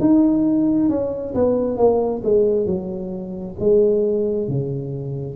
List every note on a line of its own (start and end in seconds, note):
0.00 0.89 D#4
0.89 1.34 C#4
1.34 1.77 B3
1.77 2.22 A#3
2.24 2.66 G#3
2.66 3.55 F#3
3.59 4.48 G#3
4.48 5.36 C#3